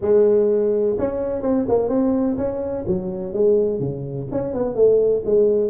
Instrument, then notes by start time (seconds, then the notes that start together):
tuba
0.01 G#3
0.98 C#4
1.42 C4
1.68 A#3
1.89 C4
2.37 C#4
2.87 F#3
3.33 G#3
3.79 C#3
4.31 C#4
4.53 B3
4.75 A3
5.25 G#3